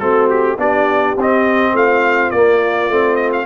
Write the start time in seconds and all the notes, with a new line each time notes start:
0.00 A3 C4 F#4 A4
0.30 G4
0.58 B3 D4 G4 D5
1.17 C4 D#5
1.74 A3 F4 F5
2.31 A#3 D5
2.89 A3 C4
3.16 D#5
3.33 F5